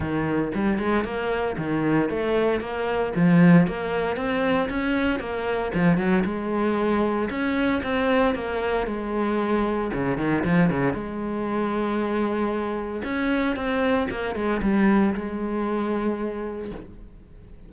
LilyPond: \new Staff \with { instrumentName = "cello" } { \time 4/4 \tempo 4 = 115 dis4 g8 gis8 ais4 dis4 | a4 ais4 f4 ais4 | c'4 cis'4 ais4 f8 fis8 | gis2 cis'4 c'4 |
ais4 gis2 cis8 dis8 | f8 cis8 gis2.~ | gis4 cis'4 c'4 ais8 gis8 | g4 gis2. | }